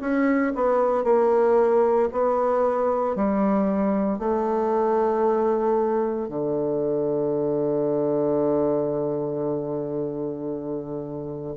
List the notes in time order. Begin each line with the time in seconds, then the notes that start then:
0.00 C#4
0.55 B3
1.04 A#3
2.12 B3
3.15 G3
4.19 A3
6.28 D3